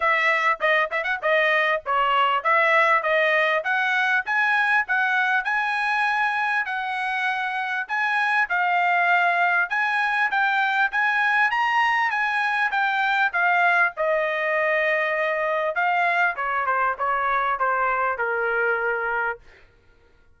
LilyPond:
\new Staff \with { instrumentName = "trumpet" } { \time 4/4 \tempo 4 = 99 e''4 dis''8 e''16 fis''16 dis''4 cis''4 | e''4 dis''4 fis''4 gis''4 | fis''4 gis''2 fis''4~ | fis''4 gis''4 f''2 |
gis''4 g''4 gis''4 ais''4 | gis''4 g''4 f''4 dis''4~ | dis''2 f''4 cis''8 c''8 | cis''4 c''4 ais'2 | }